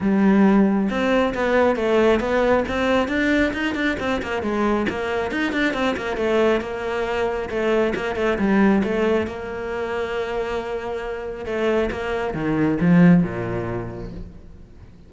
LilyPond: \new Staff \with { instrumentName = "cello" } { \time 4/4 \tempo 4 = 136 g2 c'4 b4 | a4 b4 c'4 d'4 | dis'8 d'8 c'8 ais8 gis4 ais4 | dis'8 d'8 c'8 ais8 a4 ais4~ |
ais4 a4 ais8 a8 g4 | a4 ais2.~ | ais2 a4 ais4 | dis4 f4 ais,2 | }